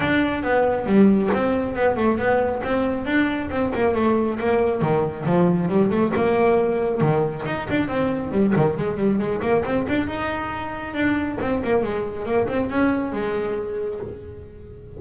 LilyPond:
\new Staff \with { instrumentName = "double bass" } { \time 4/4 \tempo 4 = 137 d'4 b4 g4 c'4 | b8 a8 b4 c'4 d'4 | c'8 ais8 a4 ais4 dis4 | f4 g8 a8 ais2 |
dis4 dis'8 d'8 c'4 g8 dis8 | gis8 g8 gis8 ais8 c'8 d'8 dis'4~ | dis'4 d'4 c'8 ais8 gis4 | ais8 c'8 cis'4 gis2 | }